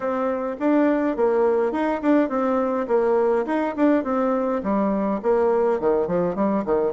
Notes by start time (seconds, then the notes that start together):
0.00 C4
0.59 D4
1.16 A#3
1.72 D#4
2.02 D4
2.29 C4
2.87 A#3
3.45 D#4
3.76 D4
4.04 C4
4.63 G3
5.22 A#3
5.80 D#3
6.07 F3
6.35 G3
6.65 D#3